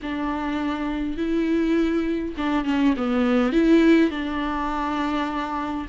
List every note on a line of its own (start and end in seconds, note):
0.02 1.17 D4
1.17 2.34 E4
2.37 2.64 D4
2.64 2.94 C#4
2.97 3.52 B3
3.52 4.10 E4
4.10 5.87 D4